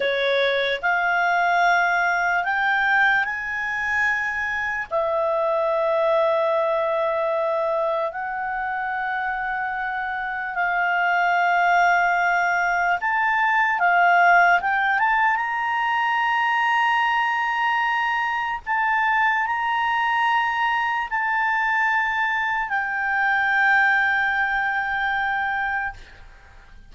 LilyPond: \new Staff \with { instrumentName = "clarinet" } { \time 4/4 \tempo 4 = 74 cis''4 f''2 g''4 | gis''2 e''2~ | e''2 fis''2~ | fis''4 f''2. |
a''4 f''4 g''8 a''8 ais''4~ | ais''2. a''4 | ais''2 a''2 | g''1 | }